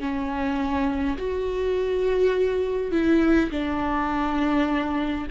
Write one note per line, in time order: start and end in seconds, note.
0.00 1.18 C#4
1.18 2.91 F#4
2.91 3.50 E4
3.51 5.27 D4